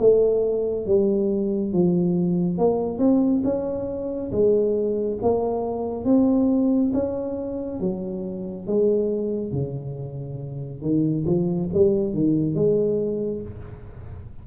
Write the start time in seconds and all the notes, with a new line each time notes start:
0.00 A3
0.87 G3
1.73 F3
2.58 A#3
2.99 C4
3.45 C#4
4.32 G#3
5.22 A#3
6.06 C4
6.94 C#4
7.81 F#3
8.67 G#3
9.53 C#3
10.82 D#3
11.26 F3
11.74 G3
12.14 D#3
12.55 G#3